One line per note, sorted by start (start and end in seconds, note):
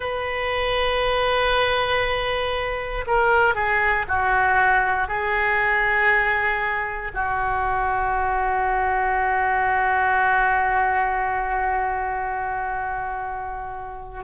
0.00 3.04 B4
3.06 3.55 A#4
3.55 4.05 G#4
4.07 5.08 F#4
5.08 7.11 G#4
7.14 14.24 F#4